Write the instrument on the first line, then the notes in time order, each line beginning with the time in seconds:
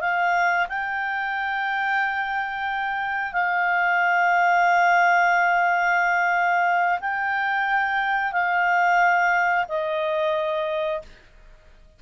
clarinet
0.00 F5
0.68 G5
3.32 F5
7.00 G5
8.32 F5
9.68 D#5